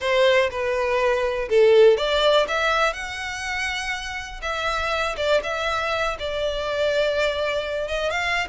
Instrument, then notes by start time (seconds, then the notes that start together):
violin
0.00 C5
0.50 B4
1.49 A4
1.97 D5
2.48 E5
2.93 F#5
4.42 E5
5.16 D5
5.43 E5
6.19 D5
7.88 D#5
8.10 F5